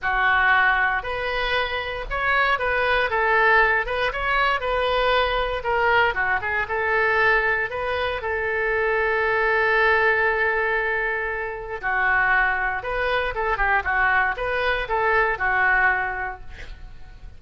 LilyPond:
\new Staff \with { instrumentName = "oboe" } { \time 4/4 \tempo 4 = 117 fis'2 b'2 | cis''4 b'4 a'4. b'8 | cis''4 b'2 ais'4 | fis'8 gis'8 a'2 b'4 |
a'1~ | a'2. fis'4~ | fis'4 b'4 a'8 g'8 fis'4 | b'4 a'4 fis'2 | }